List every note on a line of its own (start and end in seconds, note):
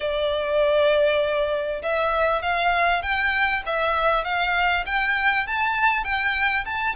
0.00 1.82 D5
1.82 2.42 E5
2.42 3.02 F5
3.02 3.63 G5
3.66 4.24 E5
4.24 4.85 F5
4.86 5.46 G5
5.47 6.04 A5
6.04 6.64 G5
6.65 6.95 A5